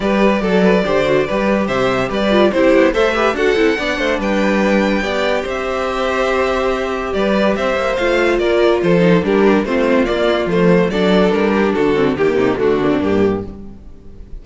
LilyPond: <<
  \new Staff \with { instrumentName = "violin" } { \time 4/4 \tempo 4 = 143 d''1 | e''4 d''4 c''4 e''4 | fis''2 g''2~ | g''4 e''2.~ |
e''4 d''4 e''4 f''4 | d''4 c''4 ais'4 c''4 | d''4 c''4 d''4 ais'4 | a'4 g'4 fis'4 g'4 | }
  \new Staff \with { instrumentName = "violin" } { \time 4/4 b'4 a'8 b'8 c''4 b'4 | c''4 b'4 g'4 c''8 b'8 | a'4 d''8 c''8 b'2 | d''4 c''2.~ |
c''4 b'4 c''2 | ais'4 a'4 g'4 f'4~ | f'2 a'4. g'8 | fis'4 g'8 dis'8 d'2 | }
  \new Staff \with { instrumentName = "viola" } { \time 4/4 g'4 a'4 g'8 fis'8 g'4~ | g'4. f'8 e'4 a'8 g'8 | fis'8 e'8 d'2. | g'1~ |
g'2. f'4~ | f'4. dis'8 d'4 c'4 | ais4 a4 d'2~ | d'8 c'8 ais4 a8 ais16 c'16 ais4 | }
  \new Staff \with { instrumentName = "cello" } { \time 4/4 g4 fis4 d4 g4 | c4 g4 c'8 b8 a4 | d'8 c'8 b8 a8 g2 | b4 c'2.~ |
c'4 g4 c'8 ais8 a4 | ais4 f4 g4 a4 | ais4 f4 fis4 g4 | d4 dis8 c8 d4 g,4 | }
>>